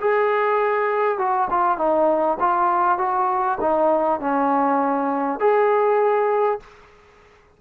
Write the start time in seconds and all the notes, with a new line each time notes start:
0.00 G#4
1.18 F#4
1.50 F4
1.78 D#4
2.39 F4
2.98 F#4
3.61 D#4
4.20 C#4
5.40 G#4